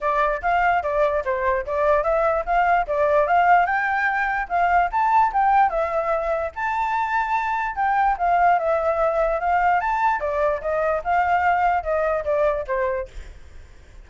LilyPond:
\new Staff \with { instrumentName = "flute" } { \time 4/4 \tempo 4 = 147 d''4 f''4 d''4 c''4 | d''4 e''4 f''4 d''4 | f''4 g''2 f''4 | a''4 g''4 e''2 |
a''2. g''4 | f''4 e''2 f''4 | a''4 d''4 dis''4 f''4~ | f''4 dis''4 d''4 c''4 | }